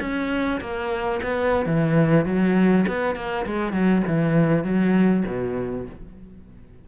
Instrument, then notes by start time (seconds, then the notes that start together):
cello
0.00 C#4
0.60 A#3
1.22 B3
1.66 E3
2.25 F#3
2.87 B3
3.15 A#3
3.46 G#3
3.73 F#3
4.07 E3
4.64 F#3
5.27 B2